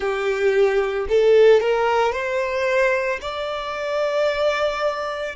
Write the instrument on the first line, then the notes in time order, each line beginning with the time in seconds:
violin
0.00 G4
1.09 A4
1.60 A#4
2.12 C5
3.21 D5